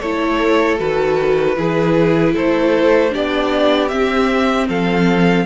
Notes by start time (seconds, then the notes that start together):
0.00 A3 E4 A4 C#5
0.78 D#3 F#4 B4
1.56 E3 E4 G#4
2.33 A3 A4 C5
3.10 B3 D4 G4 D5
3.88 C4 E5
4.68 F3 A4 F5